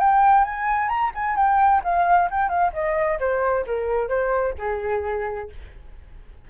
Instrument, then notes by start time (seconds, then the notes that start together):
flute
0.00 G5
0.45 G#5
0.89 A#5
1.15 G#5
1.36 G5
1.84 F5
2.31 G5
2.49 F5
2.73 D#5
3.20 C5
3.67 A#4
4.09 C5
4.59 G#4